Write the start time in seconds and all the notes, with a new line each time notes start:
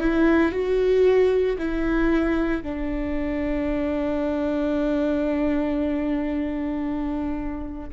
0.00 E4
0.51 F#4
1.58 E4
2.62 D4